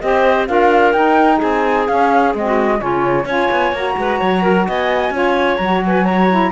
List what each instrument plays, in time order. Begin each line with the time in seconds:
0.00 cello C4, saxophone G4, clarinet C5, flute D#5
0.47 cello D4, saxophone F4, clarinet A#4, flute F5
0.92 cello D#4, saxophone D#4, flute G5
1.37 cello C4, clarinet G#4, flute G#5
1.87 cello C#4, saxophone C#4, flute F5
2.34 cello G#3, saxophone C4, flute D#5
2.44 clarinet F#4
2.78 cello C#3, saxophone C#4, clarinet F4, flute C#5
3.24 cello C#4, saxophone F4, clarinet C#5, flute G#5
3.51 cello B3
3.72 cello A#3, saxophone F#4, flute A#5
3.97 cello G#3, clarinet B4
4.20 cello F#3, clarinet C#5
4.42 clarinet A#4
4.67 cello B3, clarinet D#5, flute G#5
5.10 cello C#4, saxophone F4, clarinet C#5
5.56 cello F#3, saxophone F#4, flute A#5
5.86 clarinet B4, flute G#5
6.05 clarinet C#5, flute A#5
6.30 saxophone E4